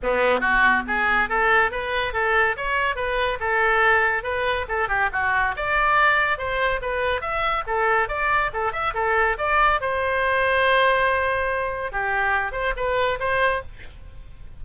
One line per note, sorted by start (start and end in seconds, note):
0.02 0.40 B3
0.40 0.83 F#4
0.87 1.29 G#4
1.29 1.71 A4
1.71 2.13 B4
2.13 2.56 A4
2.56 2.95 C#5
2.95 3.38 B4
3.40 4.23 A4
4.23 4.66 B4
4.68 4.88 A4
4.88 5.09 G4
5.12 5.55 F#4
5.56 6.37 D5
6.37 6.80 C5
6.81 7.21 B4
7.21 7.63 E5
7.66 8.08 A4
8.08 8.50 D5
8.53 8.72 A4
8.72 8.93 E5
8.94 9.36 A4
9.38 9.80 D5
9.80 11.92 C5
11.92 12.52 G4
12.52 12.73 C5
12.76 13.18 B4
13.19 13.62 C5